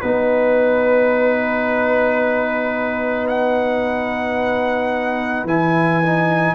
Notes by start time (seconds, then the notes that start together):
0.00 B3 D#4 B4
3.28 F#5
5.44 E3 E4 G#5
6.03 D#4